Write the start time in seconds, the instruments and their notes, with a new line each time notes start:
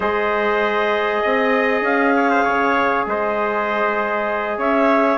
0.00 bassoon G#3, trombone G#4, trumpet C5, clarinet D#5
1.21 bassoon C4, trumpet D#5
1.81 bassoon C#4, clarinet F5
2.16 trumpet C#5
2.30 trumpet C5
2.43 bassoon C#3, trumpet C#5
3.06 bassoon G#3, trumpet C5, clarinet D#5
4.57 bassoon C#4, trumpet C#5, clarinet E5